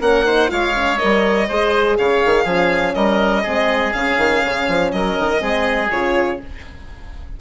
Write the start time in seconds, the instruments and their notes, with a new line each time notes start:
0.00 bassoon A#3, horn C#4, oboe A#4, violin F#5
0.25 horn D#4, oboe C5
0.48 bassoon G#3, horn F4, oboe C#5, violin F5
0.74 horn C#4
0.98 bassoon G3, horn A#4, violin D#5
1.48 bassoon G#3, horn G#4, oboe C5
1.98 bassoon C#3, oboe C#5, violin F5
2.25 bassoon D#3
2.44 bassoon F3, horn C#4, oboe G#4
2.95 bassoon G3, oboe A#4, violin D#5
3.42 bassoon G#3, horn C4, oboe G#4
3.93 bassoon C#3, horn C#4, violin F5
4.18 bassoon D#3
4.45 bassoon C#3
4.68 bassoon F3
4.92 bassoon F#3, oboe A#4, violin D#5
5.19 bassoon D#3
5.38 bassoon G#3, horn C4, oboe G#4
5.91 bassoon C#3, horn F4, violin C#5